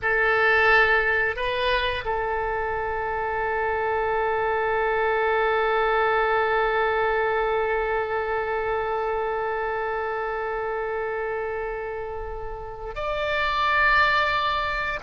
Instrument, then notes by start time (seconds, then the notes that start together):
oboe
0.02 A4
1.36 B4
2.05 A4
12.95 D5